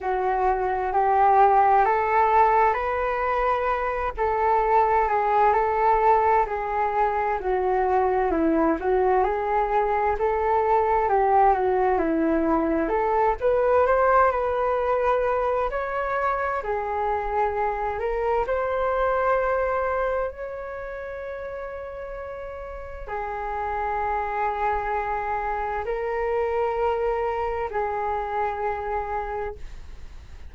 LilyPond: \new Staff \with { instrumentName = "flute" } { \time 4/4 \tempo 4 = 65 fis'4 g'4 a'4 b'4~ | b'8 a'4 gis'8 a'4 gis'4 | fis'4 e'8 fis'8 gis'4 a'4 | g'8 fis'8 e'4 a'8 b'8 c''8 b'8~ |
b'4 cis''4 gis'4. ais'8 | c''2 cis''2~ | cis''4 gis'2. | ais'2 gis'2 | }